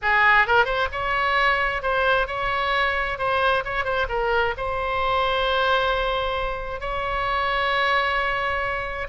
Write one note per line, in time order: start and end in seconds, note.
0.01 0.46 G#4
0.46 0.65 A#4
0.65 0.88 C5
0.92 1.82 C#5
1.82 2.27 C5
2.27 3.18 C#5
3.18 3.63 C5
3.64 3.84 C#5
3.84 4.07 C5
4.08 4.54 A#4
4.57 6.80 C5
6.80 9.07 C#5